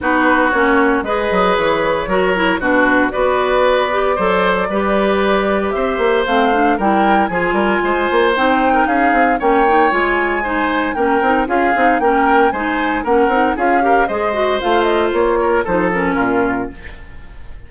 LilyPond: <<
  \new Staff \with { instrumentName = "flute" } { \time 4/4 \tempo 4 = 115 b'4 cis''4 dis''4 cis''4~ | cis''4 b'4 d''2~ | d''2. e''4 | f''4 g''4 gis''2 |
g''4 f''4 g''4 gis''4~ | gis''4 g''4 f''4 g''4 | gis''4 fis''4 f''4 dis''4 | f''8 dis''8 cis''4 c''8 ais'4. | }
  \new Staff \with { instrumentName = "oboe" } { \time 4/4 fis'2 b'2 | ais'4 fis'4 b'2 | c''4 b'2 c''4~ | c''4 ais'4 gis'8 ais'8 c''4~ |
c''8. ais'16 gis'4 cis''2 | c''4 ais'4 gis'4 ais'4 | c''4 ais'4 gis'8 ais'8 c''4~ | c''4. ais'8 a'4 f'4 | }
  \new Staff \with { instrumentName = "clarinet" } { \time 4/4 dis'4 cis'4 gis'2 | fis'8 e'8 d'4 fis'4. g'8 | a'4 g'2. | c'8 d'8 e'4 f'2 |
dis'2 cis'8 dis'8 f'4 | dis'4 cis'8 dis'8 f'8 dis'8 cis'4 | dis'4 cis'8 dis'8 f'8 g'8 gis'8 fis'8 | f'2 dis'8 cis'4. | }
  \new Staff \with { instrumentName = "bassoon" } { \time 4/4 b4 ais4 gis8 fis8 e4 | fis4 b,4 b2 | fis4 g2 c'8 ais8 | a4 g4 f8 g8 gis8 ais8 |
c'4 cis'8 c'8 ais4 gis4~ | gis4 ais8 c'8 cis'8 c'8 ais4 | gis4 ais8 c'8 cis'4 gis4 | a4 ais4 f4 ais,4 | }
>>